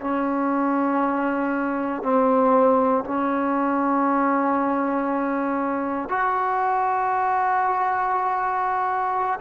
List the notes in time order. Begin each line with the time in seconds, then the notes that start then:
0.00 C#4
2.02 C4
3.04 C#4
6.09 F#4